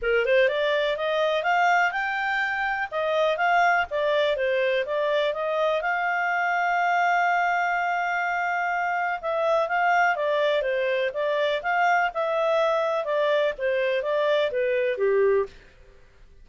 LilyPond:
\new Staff \with { instrumentName = "clarinet" } { \time 4/4 \tempo 4 = 124 ais'8 c''8 d''4 dis''4 f''4 | g''2 dis''4 f''4 | d''4 c''4 d''4 dis''4 | f''1~ |
f''2. e''4 | f''4 d''4 c''4 d''4 | f''4 e''2 d''4 | c''4 d''4 b'4 g'4 | }